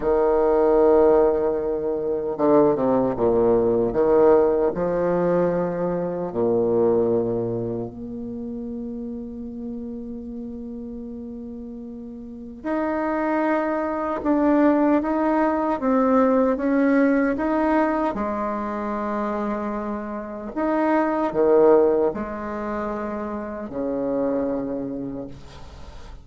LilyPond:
\new Staff \with { instrumentName = "bassoon" } { \time 4/4 \tempo 4 = 76 dis2. d8 c8 | ais,4 dis4 f2 | ais,2 ais2~ | ais1 |
dis'2 d'4 dis'4 | c'4 cis'4 dis'4 gis4~ | gis2 dis'4 dis4 | gis2 cis2 | }